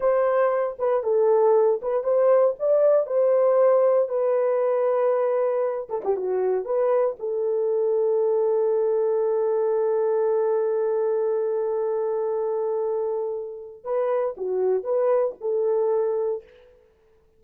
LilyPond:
\new Staff \with { instrumentName = "horn" } { \time 4/4 \tempo 4 = 117 c''4. b'8 a'4. b'8 | c''4 d''4 c''2 | b'2.~ b'8 a'16 g'16 | fis'4 b'4 a'2~ |
a'1~ | a'1~ | a'2. b'4 | fis'4 b'4 a'2 | }